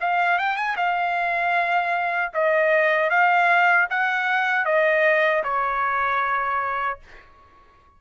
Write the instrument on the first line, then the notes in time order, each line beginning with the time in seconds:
trumpet
0.00 F5
0.38 G5
0.56 G#5
0.76 F5
2.33 D#5
3.10 F5
3.90 F#5
4.65 D#5
5.43 C#5